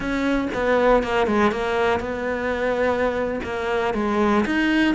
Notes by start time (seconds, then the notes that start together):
0.00 C#4
0.53 B3
1.03 A#3
1.26 G#3
1.51 A#3
2.00 B3
3.43 A#3
3.93 G#3
4.45 D#4